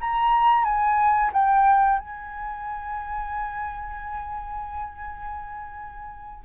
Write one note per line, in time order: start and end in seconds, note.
0.00 0.64 A#5
0.64 1.31 G#5
1.32 1.99 G5
1.99 6.45 G#5